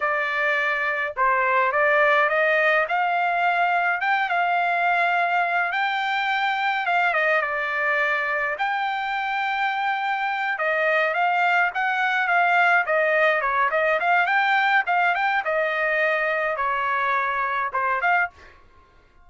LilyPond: \new Staff \with { instrumentName = "trumpet" } { \time 4/4 \tempo 4 = 105 d''2 c''4 d''4 | dis''4 f''2 g''8 f''8~ | f''2 g''2 | f''8 dis''8 d''2 g''4~ |
g''2~ g''8 dis''4 f''8~ | f''8 fis''4 f''4 dis''4 cis''8 | dis''8 f''8 g''4 f''8 g''8 dis''4~ | dis''4 cis''2 c''8 f''8 | }